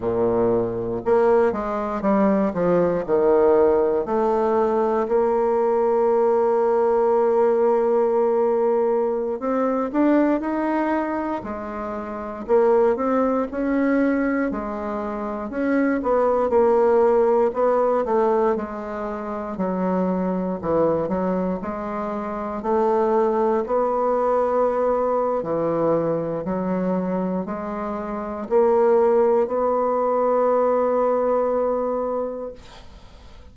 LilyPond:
\new Staff \with { instrumentName = "bassoon" } { \time 4/4 \tempo 4 = 59 ais,4 ais8 gis8 g8 f8 dis4 | a4 ais2.~ | ais4~ ais16 c'8 d'8 dis'4 gis8.~ | gis16 ais8 c'8 cis'4 gis4 cis'8 b16~ |
b16 ais4 b8 a8 gis4 fis8.~ | fis16 e8 fis8 gis4 a4 b8.~ | b4 e4 fis4 gis4 | ais4 b2. | }